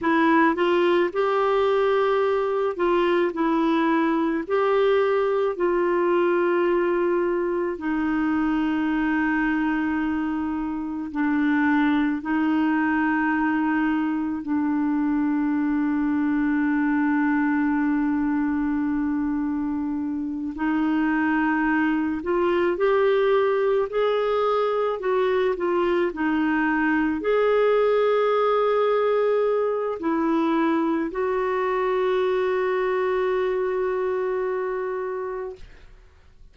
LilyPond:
\new Staff \with { instrumentName = "clarinet" } { \time 4/4 \tempo 4 = 54 e'8 f'8 g'4. f'8 e'4 | g'4 f'2 dis'4~ | dis'2 d'4 dis'4~ | dis'4 d'2.~ |
d'2~ d'8 dis'4. | f'8 g'4 gis'4 fis'8 f'8 dis'8~ | dis'8 gis'2~ gis'8 e'4 | fis'1 | }